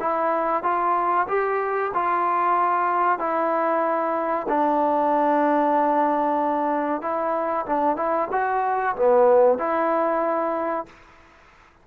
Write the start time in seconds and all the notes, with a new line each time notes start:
0.00 E4
0.63 F4
1.28 G4
1.94 F4
3.19 E4
4.49 D4
7.02 E4
7.66 D4
7.96 E4
8.32 F#4
8.96 B3
9.58 E4